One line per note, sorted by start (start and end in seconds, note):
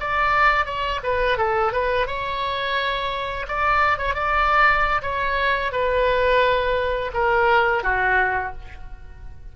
0.00 0.66 D5
0.66 1.01 C#5
1.03 1.38 B4
1.38 1.73 A4
1.73 2.07 B4
2.07 3.47 C#5
3.48 3.98 D5
3.98 4.15 C#5
4.15 5.02 D5
5.02 5.72 C#5
5.72 7.12 B4
7.14 7.83 A#4
7.83 8.53 F#4